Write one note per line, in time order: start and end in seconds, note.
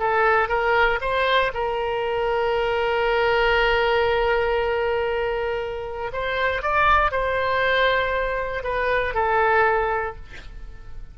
0.00 0.49 A4
0.49 1.00 A#4
1.01 1.52 C5
1.54 6.12 A#4
6.13 6.62 C5
6.62 7.12 D5
7.12 8.64 C5
8.64 9.15 B4
9.15 10.16 A4